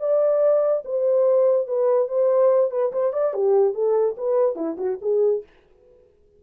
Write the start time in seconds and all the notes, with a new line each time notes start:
0.00 D5
0.85 C5
1.67 B4
2.08 C5
2.71 B4
2.93 C5
3.13 D5
3.34 G4
3.74 A4
4.17 B4
4.56 E4
4.78 F#4
5.02 G#4